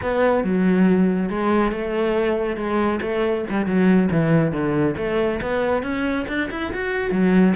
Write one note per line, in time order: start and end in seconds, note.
0.02 0.44 B3
0.44 1.29 F#3
1.29 1.71 G#3
1.71 2.56 A3
2.56 2.99 G#3
3.01 3.44 A3
3.49 3.66 G3
3.66 4.09 F#3
4.11 4.52 E3
4.52 4.95 D3
4.97 5.40 A3
5.41 5.83 B3
5.83 6.26 C#4
6.28 6.49 D4
6.50 6.72 E4
6.73 7.11 F#4
7.11 7.54 F#3